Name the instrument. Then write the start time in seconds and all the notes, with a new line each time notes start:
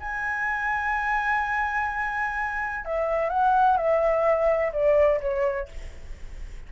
flute
0.00 G#5
2.85 E5
3.30 F#5
3.77 E5
4.73 D5
5.21 C#5